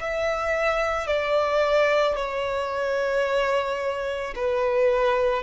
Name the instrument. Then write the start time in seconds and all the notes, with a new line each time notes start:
violin
0.00 E5
1.07 D5
2.16 C#5
4.35 B4